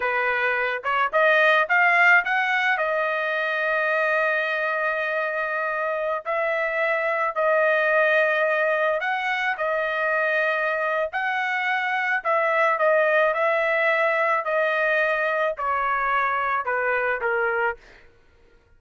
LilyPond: \new Staff \with { instrumentName = "trumpet" } { \time 4/4 \tempo 4 = 108 b'4. cis''8 dis''4 f''4 | fis''4 dis''2.~ | dis''2.~ dis''16 e''8.~ | e''4~ e''16 dis''2~ dis''8.~ |
dis''16 fis''4 dis''2~ dis''8. | fis''2 e''4 dis''4 | e''2 dis''2 | cis''2 b'4 ais'4 | }